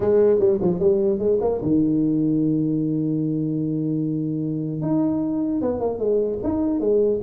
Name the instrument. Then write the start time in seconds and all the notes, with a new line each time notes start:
tuba
0.00 G#3
0.39 G3
0.61 F3
0.79 G3
1.19 G#3
1.40 A#3
1.61 D#3
4.81 D#4
5.61 B3
5.79 A#3
5.98 G#3
6.43 D#4
6.79 G#3